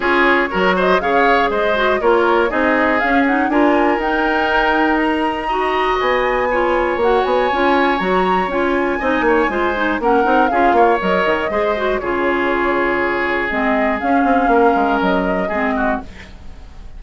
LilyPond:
<<
  \new Staff \with { instrumentName = "flute" } { \time 4/4 \tempo 4 = 120 cis''4. dis''8 f''4 dis''4 | cis''4 dis''4 f''8 fis''8 gis''4 | g''2 ais''2 | gis''2 fis''8 gis''4. |
ais''4 gis''2. | fis''4 f''4 dis''2 | cis''2. dis''4 | f''2 dis''2 | }
  \new Staff \with { instrumentName = "oboe" } { \time 4/4 gis'4 ais'8 c''8 cis''4 c''4 | ais'4 gis'2 ais'4~ | ais'2. dis''4~ | dis''4 cis''2.~ |
cis''2 dis''8 cis''8 c''4 | ais'4 gis'8 cis''4. c''4 | gis'1~ | gis'4 ais'2 gis'8 fis'8 | }
  \new Staff \with { instrumentName = "clarinet" } { \time 4/4 f'4 fis'4 gis'4. fis'8 | f'4 dis'4 cis'8 dis'8 f'4 | dis'2. fis'4~ | fis'4 f'4 fis'4 f'4 |
fis'4 f'4 dis'4 f'8 dis'8 | cis'8 dis'8 f'4 ais'4 gis'8 fis'8 | f'2. c'4 | cis'2. c'4 | }
  \new Staff \with { instrumentName = "bassoon" } { \time 4/4 cis'4 fis4 cis4 gis4 | ais4 c'4 cis'4 d'4 | dis'1 | b2 ais8 b8 cis'4 |
fis4 cis'4 c'8 ais8 gis4 | ais8 c'8 cis'8 ais8 fis8 dis8 gis4 | cis2. gis4 | cis'8 c'8 ais8 gis8 fis4 gis4 | }
>>